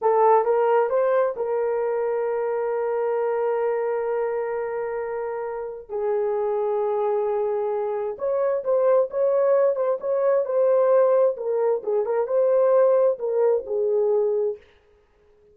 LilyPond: \new Staff \with { instrumentName = "horn" } { \time 4/4 \tempo 4 = 132 a'4 ais'4 c''4 ais'4~ | ais'1~ | ais'1~ | ais'4 gis'2.~ |
gis'2 cis''4 c''4 | cis''4. c''8 cis''4 c''4~ | c''4 ais'4 gis'8 ais'8 c''4~ | c''4 ais'4 gis'2 | }